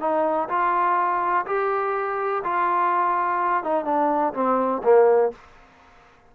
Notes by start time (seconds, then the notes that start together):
0.00 D#4
0.49 F4
1.46 G4
2.44 F4
3.64 D#4
3.85 D4
4.34 C4
4.83 A#3